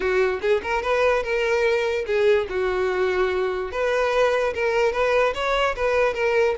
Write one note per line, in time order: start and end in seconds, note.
0.00 0.40 F#4
0.41 0.61 G#4
0.63 0.82 A#4
0.82 1.23 B4
1.23 2.05 A#4
2.06 2.47 G#4
2.49 3.71 F#4
3.71 4.53 B4
4.53 4.92 A#4
4.92 5.33 B4
5.34 5.75 C#5
5.75 6.14 B4
6.14 6.55 A#4